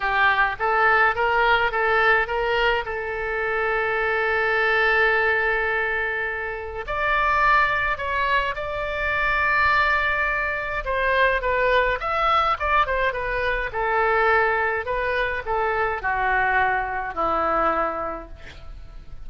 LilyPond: \new Staff \with { instrumentName = "oboe" } { \time 4/4 \tempo 4 = 105 g'4 a'4 ais'4 a'4 | ais'4 a'2.~ | a'1 | d''2 cis''4 d''4~ |
d''2. c''4 | b'4 e''4 d''8 c''8 b'4 | a'2 b'4 a'4 | fis'2 e'2 | }